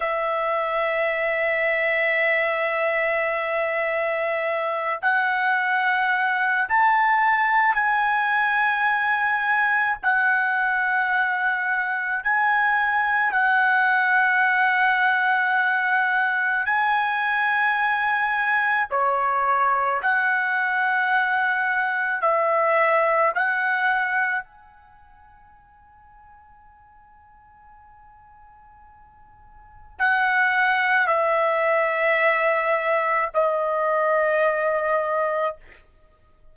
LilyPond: \new Staff \with { instrumentName = "trumpet" } { \time 4/4 \tempo 4 = 54 e''1~ | e''8 fis''4. a''4 gis''4~ | gis''4 fis''2 gis''4 | fis''2. gis''4~ |
gis''4 cis''4 fis''2 | e''4 fis''4 gis''2~ | gis''2. fis''4 | e''2 dis''2 | }